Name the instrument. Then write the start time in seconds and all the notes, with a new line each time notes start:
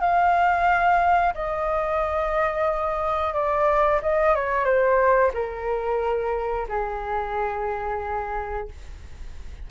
flute
0.00 F5
1.34 D#5
3.33 D5
4.02 D#5
4.35 C#5
4.65 C5
5.34 A#4
6.68 G#4